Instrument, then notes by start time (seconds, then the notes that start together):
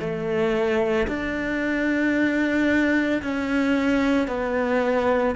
cello
0.00 A3
1.08 D4
3.22 C#4
4.28 B3